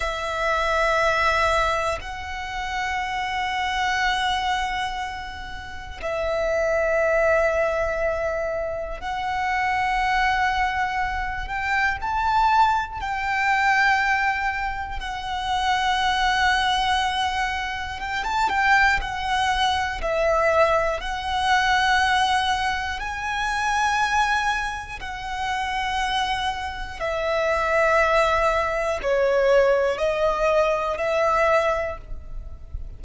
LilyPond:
\new Staff \with { instrumentName = "violin" } { \time 4/4 \tempo 4 = 60 e''2 fis''2~ | fis''2 e''2~ | e''4 fis''2~ fis''8 g''8 | a''4 g''2 fis''4~ |
fis''2 g''16 a''16 g''8 fis''4 | e''4 fis''2 gis''4~ | gis''4 fis''2 e''4~ | e''4 cis''4 dis''4 e''4 | }